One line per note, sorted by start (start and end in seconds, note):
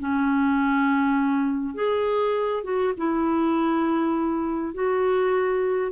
0.00 1.75 C#4
1.75 2.64 G#4
2.64 2.94 F#4
2.98 4.74 E4
4.74 5.92 F#4